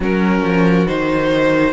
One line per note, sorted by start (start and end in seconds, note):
0.00 0.42 F#3
0.00 0.87 C#4
0.00 1.72 F#4
0.00 0.87 A#4
0.43 0.87 F3
0.87 1.72 D#3
0.87 1.72 D#4
0.87 1.72 C5